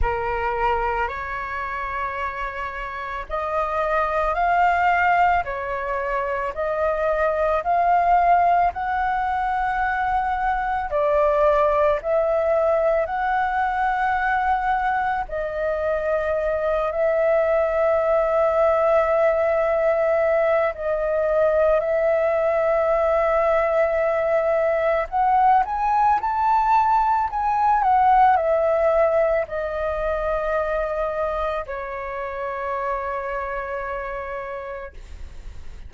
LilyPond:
\new Staff \with { instrumentName = "flute" } { \time 4/4 \tempo 4 = 55 ais'4 cis''2 dis''4 | f''4 cis''4 dis''4 f''4 | fis''2 d''4 e''4 | fis''2 dis''4. e''8~ |
e''2. dis''4 | e''2. fis''8 gis''8 | a''4 gis''8 fis''8 e''4 dis''4~ | dis''4 cis''2. | }